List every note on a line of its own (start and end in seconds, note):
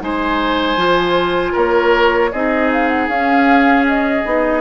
0.00 0.76 G#3
0.00 0.77 D#4
0.00 1.52 C5
0.00 1.56 G#5
0.76 1.53 F3
0.76 2.31 F4
1.52 2.32 A#3
1.52 2.29 A#4
1.52 2.32 C#5
2.32 3.08 C4
2.32 3.11 D#4
2.32 4.60 G#4
2.32 2.71 D#5
2.72 2.88 F5
2.88 3.07 F#5
3.08 4.23 C#4
3.08 4.24 C#4
3.08 3.85 F5
3.87 4.60 D#5
4.24 4.60 B3
4.24 4.60 D#4